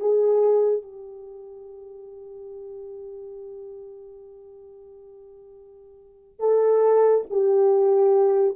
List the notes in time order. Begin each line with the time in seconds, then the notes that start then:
0.00 G#4
0.83 G4
6.40 A4
7.31 G4